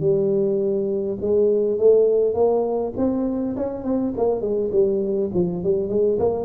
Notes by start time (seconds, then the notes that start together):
0.00 G3
1.21 G#3
1.78 A3
2.34 A#3
2.97 C4
3.57 C#4
3.84 C4
4.17 A#3
4.41 G#3
4.71 G3
5.34 F3
5.63 G3
5.89 G#3
6.19 A#3